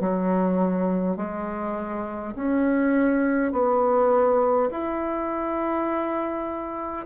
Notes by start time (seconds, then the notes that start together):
0.00 F#3
1.16 G#3
2.35 C#4
3.52 B3
4.70 E4